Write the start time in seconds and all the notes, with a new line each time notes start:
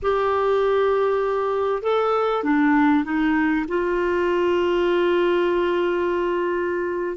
0.02 G4
1.82 A4
2.43 D4
3.04 D#4
3.68 F4